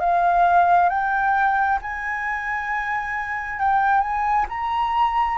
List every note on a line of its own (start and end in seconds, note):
0.00 0.89 F5
0.89 1.79 G5
1.82 3.59 G#5
3.59 4.01 G5
4.01 4.45 G#5
4.49 5.38 A#5